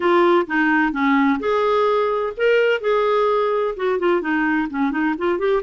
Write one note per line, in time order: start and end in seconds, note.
0.00 0.46 F4
0.46 0.92 D#4
0.92 1.39 C#4
1.39 2.33 G#4
2.36 2.80 A#4
2.80 3.74 G#4
3.76 3.99 F#4
3.99 4.21 F4
4.21 4.68 D#4
4.70 4.91 C#4
4.91 5.14 D#4
5.18 5.38 F4
5.38 5.62 G4